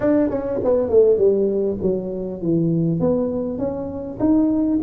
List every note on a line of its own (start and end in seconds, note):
0.00 0.29 D4
0.29 0.59 C#4
0.64 0.89 B3
0.89 1.17 A3
1.17 1.77 G3
1.82 2.41 F#3
2.41 2.99 E3
2.99 3.58 B3
3.58 4.18 C#4
4.19 4.79 D#4